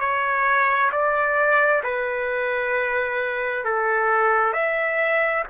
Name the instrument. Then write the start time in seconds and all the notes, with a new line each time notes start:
trumpet
0.00 C#5
0.92 D5
1.83 B4
3.65 A4
4.53 E5